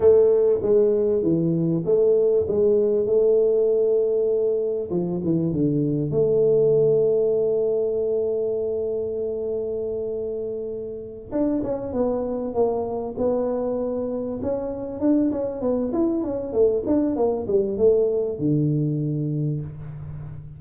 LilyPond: \new Staff \with { instrumentName = "tuba" } { \time 4/4 \tempo 4 = 98 a4 gis4 e4 a4 | gis4 a2. | f8 e8 d4 a2~ | a1~ |
a2~ a8 d'8 cis'8 b8~ | b8 ais4 b2 cis'8~ | cis'8 d'8 cis'8 b8 e'8 cis'8 a8 d'8 | ais8 g8 a4 d2 | }